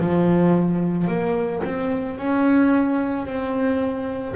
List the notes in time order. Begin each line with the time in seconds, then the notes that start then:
0.00 F3
1.08 A#3
1.65 C4
2.19 C#4
3.26 C4